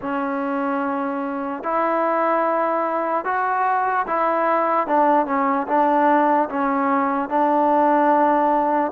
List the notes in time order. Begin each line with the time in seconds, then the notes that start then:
0.01 C#4
1.63 E4
3.24 F#4
4.06 E4
4.87 D4
5.26 C#4
5.67 D4
6.49 C#4
7.29 D4